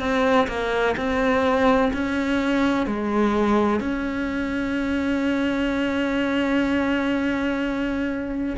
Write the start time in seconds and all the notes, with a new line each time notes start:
0.00 C4
0.48 A#3
0.97 C4
1.94 C#4
2.87 G#3
3.80 C#4